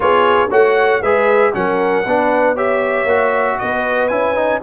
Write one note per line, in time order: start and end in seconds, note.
0.00 0.49 B3
0.00 0.48 F4
0.00 0.49 G#4
0.00 0.51 C#5
0.49 1.00 A3
0.49 1.02 F#4
0.49 1.00 C#5
0.49 1.02 F#5
1.00 1.51 G#3
1.00 1.53 G#4
1.00 1.52 B4
1.00 1.53 E5
1.53 2.05 F#3
1.53 2.04 C#4
1.53 2.06 A#4
1.53 2.57 F#5
2.05 3.04 B3
2.05 2.55 D4
2.05 2.54 B4
2.54 3.07 G4
2.54 3.57 C#5
2.54 3.58 E5
3.04 3.56 A#3
3.04 4.10 F#4
3.58 4.10 B3
3.58 4.62 B4
3.58 4.08 D#5
4.08 4.61 C#4
4.08 4.35 E4
4.08 4.59 G#5
4.35 4.60 D#4